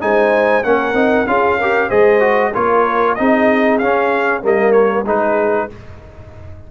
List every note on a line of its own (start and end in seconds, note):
0.00 0.64 G#3
0.00 0.63 D#4
0.00 0.66 C5
0.00 0.64 G#5
0.64 0.94 A#3
0.64 0.95 C#4
0.64 1.29 A#4
0.64 1.27 F#5
0.94 1.25 C4
0.94 1.26 D#4
1.27 1.90 C#4
1.27 1.59 F4
1.27 1.59 G#4
1.27 1.90 F5
1.59 1.90 G4
1.59 1.88 A#4
1.88 2.55 G#3
1.88 2.21 G#4
1.88 2.52 C5
1.88 2.54 D#5
2.21 2.52 F#4
2.53 3.20 A#3
2.53 3.18 F4
2.53 3.16 A#4
2.53 3.16 C#5
3.16 3.81 C4
3.16 3.82 D#4
3.16 4.44 G#4
3.16 3.79 D#5
3.79 4.44 C#4
3.79 4.42 C#4
3.79 4.42 F5
4.42 5.07 G3
4.42 5.06 A#3
4.42 5.04 A#4
4.42 4.73 D#5
4.73 5.04 C#5
5.04 5.70 G#3
5.04 5.70 D#4
5.04 5.67 G#4
5.04 5.72 B4